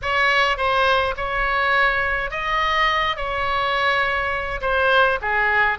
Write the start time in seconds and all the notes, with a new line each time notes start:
0.02 C#5
0.57 C5
1.16 C#5
2.31 D#5
3.16 C#5
4.61 C5
5.21 G#4